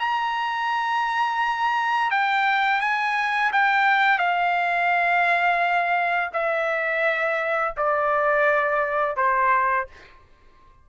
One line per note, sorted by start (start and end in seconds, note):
0.00 2.11 A#5
2.11 2.81 G5
2.81 3.52 G#5
3.53 4.19 G5
4.19 6.30 F5
6.34 7.75 E5
7.77 9.17 D5
9.17 9.88 C5